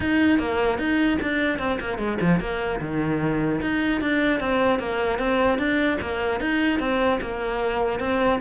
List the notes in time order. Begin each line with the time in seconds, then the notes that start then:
0.00 D#4
0.39 A#3
0.78 D#4
1.21 D4
1.58 C4
1.80 A#3
1.97 G#3
2.20 F3
2.40 A#3
2.80 D#3
3.61 D#4
4.01 D4
4.40 C4
4.79 A#3
5.19 C4
5.58 D4
6.01 A#3
6.40 D#4
6.79 C4
7.21 A#3
7.99 C4